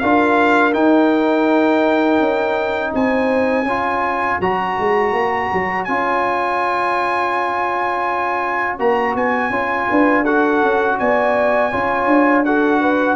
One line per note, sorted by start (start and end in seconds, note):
0.00 0.74 D4
0.00 0.73 F4
0.00 2.94 A#4
0.00 0.73 F5
0.73 3.66 D#4
0.73 2.20 D#4
0.73 2.94 G5
2.20 2.93 C#4
2.95 3.63 C4
2.95 3.69 C5
2.95 4.41 G#5
3.63 4.37 C#4
3.63 4.42 F4
3.63 9.90 C#5
4.41 4.77 F#3
4.41 5.88 F#4
4.41 5.85 A#5
4.79 5.13 G#3
5.13 5.50 A#3
5.53 5.88 F#3
5.85 8.80 C#4
5.85 8.79 F4
5.85 8.77 G#5
8.79 9.15 A#3
8.79 9.52 F#4
8.79 9.16 A#5
9.15 9.50 B3
9.15 10.25 G#5
9.50 9.87 C#4
9.50 10.25 F4
9.90 10.63 D4
9.90 10.23 B4
10.23 11.72 F#4
10.23 10.96 A4
10.23 10.98 F#5
10.63 11.00 C#4
10.99 11.74 B3
10.99 11.72 D5
10.99 12.45 G#5
11.72 12.07 C#4
11.72 12.45 F4
11.72 12.45 C#5
12.07 13.16 D4
12.45 13.16 F#4
12.45 12.81 A4
12.45 13.16 F#5
12.81 13.16 B4